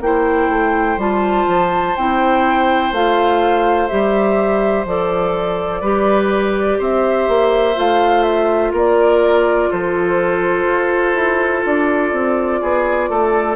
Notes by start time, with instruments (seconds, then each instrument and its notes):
0.00 bassoon A#3, clarinet E4, oboe C5, flute G5
0.48 bassoon A3
0.97 bassoon G3, clarinet F4, flute A5
1.47 bassoon F3
1.96 bassoon C4, clarinet E4, flute G5
2.92 bassoon A3, clarinet F4, flute F5
3.88 bassoon G3, clarinet G4, flute E5
4.85 bassoon F3, clarinet A4, flute D5
5.80 bassoon G3, clarinet G4, oboe B4
6.78 bassoon C4, oboe C5, flute E5
7.27 bassoon A#3
7.74 bassoon A3, clarinet F4, flute F5
8.22 flute E5
8.72 bassoon A#3, oboe A#4, flute D5
9.70 bassoon F3, oboe A4, flute C5
10.64 bassoon F4
11.14 bassoon E4
11.65 bassoon D4, flute D5
12.12 bassoon C4
12.61 bassoon B3, oboe G#4
13.09 bassoon A3, oboe A4